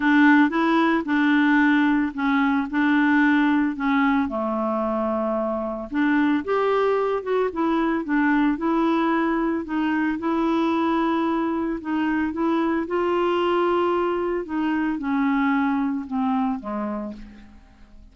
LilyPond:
\new Staff \with { instrumentName = "clarinet" } { \time 4/4 \tempo 4 = 112 d'4 e'4 d'2 | cis'4 d'2 cis'4 | a2. d'4 | g'4. fis'8 e'4 d'4 |
e'2 dis'4 e'4~ | e'2 dis'4 e'4 | f'2. dis'4 | cis'2 c'4 gis4 | }